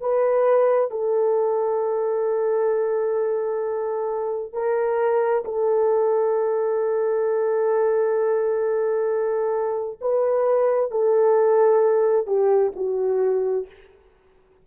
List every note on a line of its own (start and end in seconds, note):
0.00 0.90 B4
0.90 4.52 A4
4.52 5.43 A#4
5.44 9.99 A4
10.00 10.90 B4
10.90 12.26 A4
12.26 12.72 G4
12.76 13.67 F#4